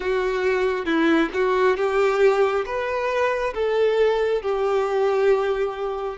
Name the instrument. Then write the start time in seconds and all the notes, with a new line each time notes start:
violin
0.00 F#4
0.85 E4
1.33 F#4
1.76 G4
2.65 B4
3.53 A4
4.42 G4